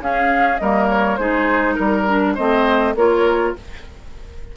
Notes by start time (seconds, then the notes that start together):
0.00 C#4 G#4 F5
0.58 G3 A#3 A#4 D#5
0.89 C#5
1.16 G#3 D#4 G#4 C5
1.75 G3 A#4
2.07 D4
2.35 A3 C4 C5 D#5
2.95 A#3 F4 A#4 C#5